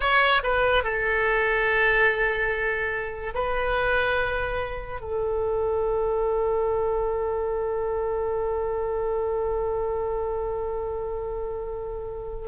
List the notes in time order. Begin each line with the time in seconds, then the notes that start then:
0.00 C#5
0.43 B4
0.83 A4
3.34 B4
5.00 A4